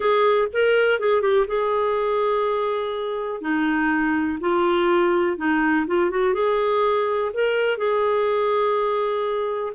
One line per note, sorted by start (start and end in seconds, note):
0.00 0.48 G#4
0.52 0.99 A#4
0.99 1.21 G#4
1.21 1.45 G4
1.47 3.41 G#4
3.41 4.38 D#4
4.40 5.37 F4
5.37 5.85 D#4
5.86 6.10 F4
6.10 6.34 F#4
6.34 7.31 G#4
7.33 7.77 A#4
7.77 9.72 G#4